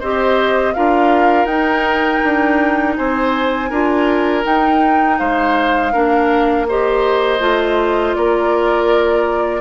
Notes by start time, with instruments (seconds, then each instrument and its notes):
0.00 bassoon C4, clarinet G4, oboe C5, flute D#5
0.74 bassoon D4, clarinet F4, oboe A#4, flute F5
1.46 bassoon D#4, clarinet D#4, flute G5
2.24 bassoon D4
2.96 bassoon C4, oboe C5, flute G#5
3.70 bassoon D4, clarinet F4, oboe A#4
4.44 clarinet D#4, bassoon D#4, flute G5
5.19 bassoon G#3, oboe C5, flute F5
5.93 bassoon A#3, clarinet D4, oboe A#4
6.69 clarinet G4, oboe C5, flute D#5
7.40 bassoon A3, clarinet F4
8.15 bassoon A#3, oboe A#4, flute D5